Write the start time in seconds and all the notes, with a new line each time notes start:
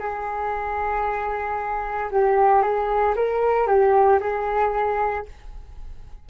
0.00 G#4
2.11 G4
2.63 G#4
3.16 A#4
3.67 G4
4.21 G#4